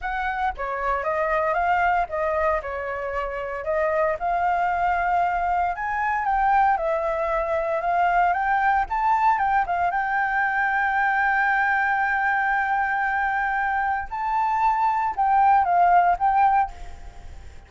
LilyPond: \new Staff \with { instrumentName = "flute" } { \time 4/4 \tempo 4 = 115 fis''4 cis''4 dis''4 f''4 | dis''4 cis''2 dis''4 | f''2. gis''4 | g''4 e''2 f''4 |
g''4 a''4 g''8 f''8 g''4~ | g''1~ | g''2. a''4~ | a''4 g''4 f''4 g''4 | }